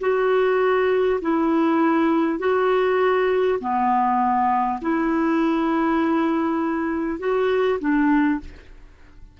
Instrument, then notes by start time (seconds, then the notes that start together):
clarinet
0.00 F#4
1.22 E4
2.39 F#4
3.59 B3
4.82 E4
7.19 F#4
7.80 D4